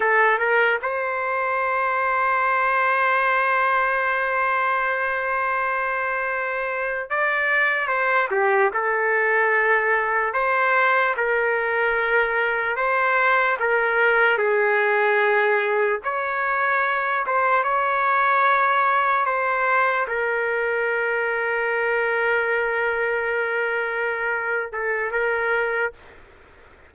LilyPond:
\new Staff \with { instrumentName = "trumpet" } { \time 4/4 \tempo 4 = 74 a'8 ais'8 c''2.~ | c''1~ | c''8. d''4 c''8 g'8 a'4~ a'16~ | a'8. c''4 ais'2 c''16~ |
c''8. ais'4 gis'2 cis''16~ | cis''4~ cis''16 c''8 cis''2 c''16~ | c''8. ais'2.~ ais'16~ | ais'2~ ais'8 a'8 ais'4 | }